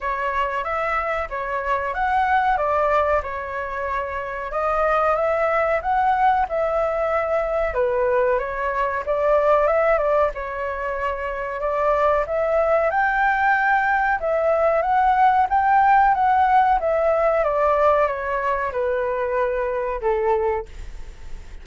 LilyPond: \new Staff \with { instrumentName = "flute" } { \time 4/4 \tempo 4 = 93 cis''4 e''4 cis''4 fis''4 | d''4 cis''2 dis''4 | e''4 fis''4 e''2 | b'4 cis''4 d''4 e''8 d''8 |
cis''2 d''4 e''4 | g''2 e''4 fis''4 | g''4 fis''4 e''4 d''4 | cis''4 b'2 a'4 | }